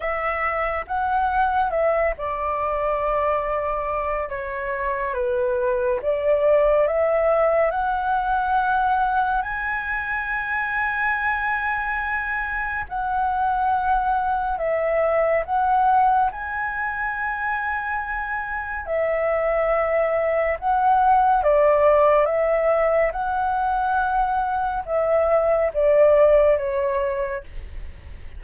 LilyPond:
\new Staff \with { instrumentName = "flute" } { \time 4/4 \tempo 4 = 70 e''4 fis''4 e''8 d''4.~ | d''4 cis''4 b'4 d''4 | e''4 fis''2 gis''4~ | gis''2. fis''4~ |
fis''4 e''4 fis''4 gis''4~ | gis''2 e''2 | fis''4 d''4 e''4 fis''4~ | fis''4 e''4 d''4 cis''4 | }